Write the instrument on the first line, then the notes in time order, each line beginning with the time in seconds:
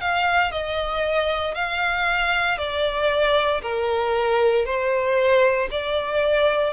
violin
0.00 F5
0.51 D#5
1.55 F5
2.58 D5
3.62 A#4
4.65 C5
5.71 D5